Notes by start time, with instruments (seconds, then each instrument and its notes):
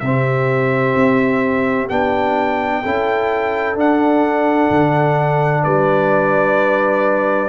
0.00 tuba C3, trombone C4, horn G4, trumpet E5
0.96 tuba C4
1.89 tuba B3, trombone D4, trumpet G5
2.82 tuba C#4, trombone E4, horn A4
3.75 tuba D4, trombone D4, trumpet F#5
4.70 tuba D3
5.63 tuba G3, horn B4, trumpet D5